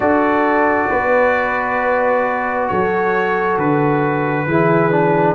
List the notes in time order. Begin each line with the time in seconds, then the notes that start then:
0.00 D4 F#4 A4 D5
0.90 B3 B4
2.68 F#3 A4 C#5
3.57 D3 B4
4.46 E3 E4 G#4
4.91 D4